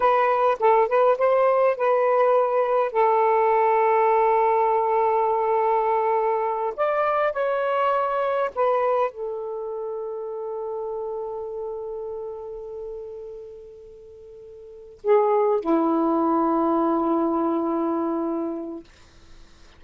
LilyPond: \new Staff \with { instrumentName = "saxophone" } { \time 4/4 \tempo 4 = 102 b'4 a'8 b'8 c''4 b'4~ | b'4 a'2.~ | a'2.~ a'8 d''8~ | d''8 cis''2 b'4 a'8~ |
a'1~ | a'1~ | a'4. gis'4 e'4.~ | e'1 | }